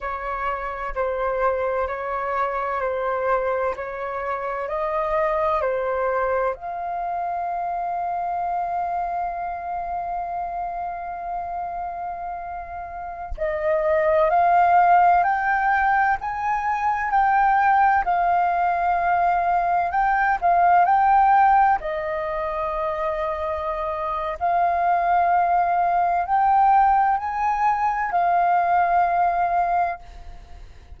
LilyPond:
\new Staff \with { instrumentName = "flute" } { \time 4/4 \tempo 4 = 64 cis''4 c''4 cis''4 c''4 | cis''4 dis''4 c''4 f''4~ | f''1~ | f''2~ f''16 dis''4 f''8.~ |
f''16 g''4 gis''4 g''4 f''8.~ | f''4~ f''16 g''8 f''8 g''4 dis''8.~ | dis''2 f''2 | g''4 gis''4 f''2 | }